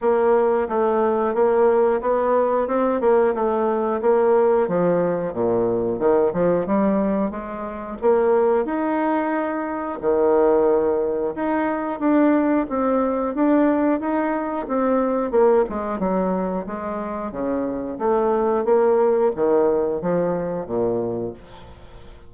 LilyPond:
\new Staff \with { instrumentName = "bassoon" } { \time 4/4 \tempo 4 = 90 ais4 a4 ais4 b4 | c'8 ais8 a4 ais4 f4 | ais,4 dis8 f8 g4 gis4 | ais4 dis'2 dis4~ |
dis4 dis'4 d'4 c'4 | d'4 dis'4 c'4 ais8 gis8 | fis4 gis4 cis4 a4 | ais4 dis4 f4 ais,4 | }